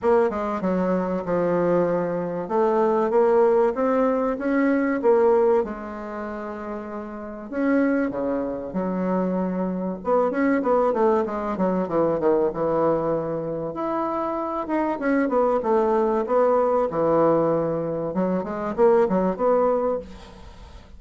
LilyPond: \new Staff \with { instrumentName = "bassoon" } { \time 4/4 \tempo 4 = 96 ais8 gis8 fis4 f2 | a4 ais4 c'4 cis'4 | ais4 gis2. | cis'4 cis4 fis2 |
b8 cis'8 b8 a8 gis8 fis8 e8 dis8 | e2 e'4. dis'8 | cis'8 b8 a4 b4 e4~ | e4 fis8 gis8 ais8 fis8 b4 | }